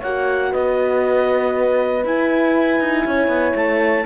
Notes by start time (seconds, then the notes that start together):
0.00 A#3 F#4 C#5 F#5
0.52 B3 B4 D#5
2.05 E4 G#5
2.80 D#4
3.06 C#4 C#5
3.28 B3
3.56 A3 A5